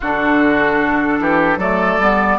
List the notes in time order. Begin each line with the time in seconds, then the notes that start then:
0.00 D3 D4 F#4 A4
1.19 E3 G4
1.56 F#3 A3 A4 D5
1.98 G3 B3